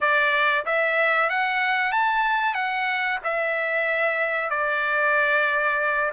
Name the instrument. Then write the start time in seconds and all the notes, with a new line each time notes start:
trumpet
0.00 D5
0.65 E5
1.29 F#5
1.91 A5
2.54 F#5
3.23 E5
4.50 D5